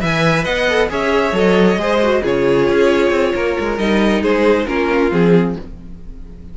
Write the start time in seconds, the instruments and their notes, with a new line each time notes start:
0.00 cello E3, viola B4, violin E5 G#5
0.44 cello B3, violin D#5 F#5
0.69 viola A4
0.89 cello C#4, viola G#4, violin C#5 E5
1.32 cello F#3, viola A4, violin D#5
1.76 cello G#3, viola G#4, violin C5
2.02 viola F#4
2.22 cello C#3, viola F4, violin G#4 C#5
2.69 cello C#4
3.10 cello C4
3.35 cello A#3, violin A#4
3.59 cello G#3
3.78 cello G3, viola D#4, violin D#5
4.21 cello G#3, violin G#4 C5
4.67 cello A#3, viola C#4, violin F4 A#4
5.10 cello F3, viola C4, violin G#4